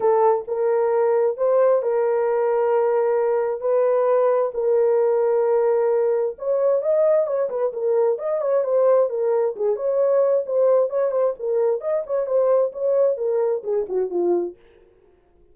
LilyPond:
\new Staff \with { instrumentName = "horn" } { \time 4/4 \tempo 4 = 132 a'4 ais'2 c''4 | ais'1 | b'2 ais'2~ | ais'2 cis''4 dis''4 |
cis''8 b'8 ais'4 dis''8 cis''8 c''4 | ais'4 gis'8 cis''4. c''4 | cis''8 c''8 ais'4 dis''8 cis''8 c''4 | cis''4 ais'4 gis'8 fis'8 f'4 | }